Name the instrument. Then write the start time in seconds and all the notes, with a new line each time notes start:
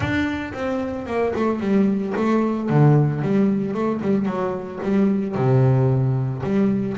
double bass
0.00 D4
0.53 C4
1.06 A#3
1.35 A3
1.60 G3
2.16 A3
2.69 D3
3.22 G3
3.74 A3
4.01 G3
4.25 F#3
4.82 G3
5.35 C3
6.43 G3